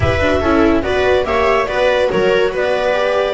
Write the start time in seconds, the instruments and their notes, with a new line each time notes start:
0.00 double bass E4, viola G4 B4, clarinet E5
0.19 double bass D4, viola F#4
0.40 double bass C#4, viola E4 A4
0.82 double bass B3, viola F#4 B4, clarinet D5
1.24 double bass A#3, viola G4 C#5, clarinet E5
1.66 double bass B3, viola F#4 B4, clarinet D5
2.09 double bass F#3, viola A#4, clarinet C#5
2.52 double bass B3, viola B4, clarinet D5
2.92 viola G4